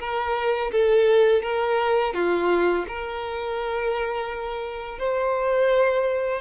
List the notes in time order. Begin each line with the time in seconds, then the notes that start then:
0.00 A#4
0.71 A4
1.43 A#4
2.14 F4
2.88 A#4
4.99 C5